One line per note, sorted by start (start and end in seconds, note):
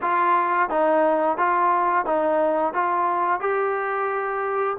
0.01 0.69 F4
0.69 1.37 D#4
1.37 2.05 F4
2.05 2.73 D#4
2.73 3.40 F4
3.40 4.77 G4